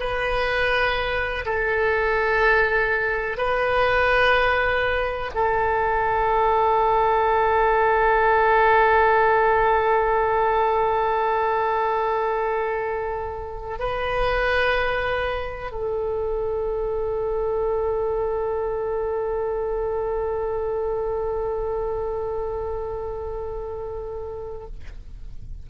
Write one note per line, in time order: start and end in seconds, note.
0.00 1.45 B4
1.46 3.37 A4
3.37 5.31 B4
5.35 13.79 A4
13.79 15.72 B4
15.72 24.67 A4